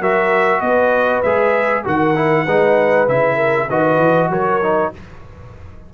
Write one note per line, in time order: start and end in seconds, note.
0.00 0.61 F#3
0.00 1.24 F#4
0.00 0.61 A#4
0.00 0.60 E5
0.60 1.22 B3
0.60 1.83 B4
0.60 1.22 D#5
1.22 1.85 G#3
1.22 1.84 G#4
1.22 1.84 E5
1.84 2.47 D#3
1.84 2.14 F#4
1.84 2.44 A#4
1.84 3.08 F#5
2.15 2.46 E4
2.44 3.07 G#3
2.44 3.08 D#4
2.44 3.36 B4
3.07 3.68 C#3
3.07 3.69 E4
3.07 3.69 E5
3.36 3.66 A#4
3.69 3.98 D#3
3.69 4.62 F#4
3.69 4.30 B4
3.69 4.30 D#5
3.98 4.29 E3
4.29 4.90 F#3
4.29 4.92 A#4
4.29 4.93 C#5
4.62 4.93 D#4